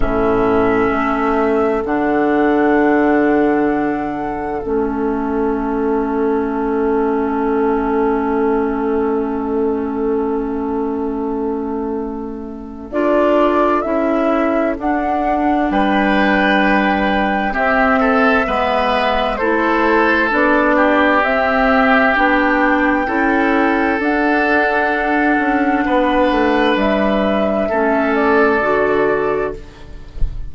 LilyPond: <<
  \new Staff \with { instrumentName = "flute" } { \time 4/4 \tempo 4 = 65 e''2 fis''2~ | fis''4 e''2.~ | e''1~ | e''2 d''4 e''4 |
fis''4 g''2 e''4~ | e''4 c''4 d''4 e''4 | g''2 fis''2~ | fis''4 e''4. d''4. | }
  \new Staff \with { instrumentName = "oboe" } { \time 4/4 a'1~ | a'1~ | a'1~ | a'1~ |
a'4 b'2 g'8 a'8 | b'4 a'4. g'4.~ | g'4 a'2. | b'2 a'2 | }
  \new Staff \with { instrumentName = "clarinet" } { \time 4/4 cis'2 d'2~ | d'4 cis'2.~ | cis'1~ | cis'2 f'4 e'4 |
d'2. c'4 | b4 e'4 d'4 c'4 | d'4 e'4 d'2~ | d'2 cis'4 fis'4 | }
  \new Staff \with { instrumentName = "bassoon" } { \time 4/4 a,4 a4 d2~ | d4 a2.~ | a1~ | a2 d'4 cis'4 |
d'4 g2 c'4 | gis4 a4 b4 c'4 | b4 cis'4 d'4. cis'8 | b8 a8 g4 a4 d4 | }
>>